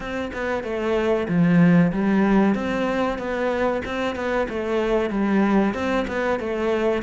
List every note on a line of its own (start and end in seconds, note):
0.00 0.31 C4
0.33 0.63 B3
0.63 1.27 A3
1.28 1.92 F3
1.92 2.54 G3
2.54 3.18 C4
3.18 3.82 B3
3.85 4.15 C4
4.15 4.47 B3
4.49 5.09 A3
5.09 5.73 G3
5.74 6.06 C4
6.07 6.39 B3
6.39 7.02 A3